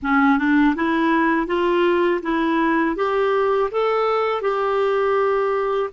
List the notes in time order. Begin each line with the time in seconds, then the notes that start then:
0.02 C#4
0.38 D4
0.75 E4
1.46 F4
2.22 E4
2.96 G4
3.71 A4
4.41 G4